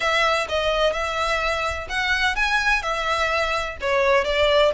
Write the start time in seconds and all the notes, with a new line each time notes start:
0.00 E5
0.49 D#5
0.93 E5
1.89 F#5
2.35 G#5
2.82 E5
3.81 C#5
4.24 D5